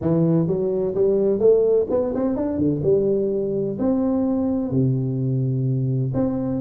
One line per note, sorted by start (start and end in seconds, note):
0.01 0.47 E3
0.47 0.94 F#3
0.94 1.39 G3
1.39 1.86 A3
1.90 2.13 B3
2.14 2.36 C4
2.36 2.57 D4
2.57 2.81 D3
2.83 3.77 G3
3.78 4.71 C4
4.71 6.12 C3
6.14 6.61 C4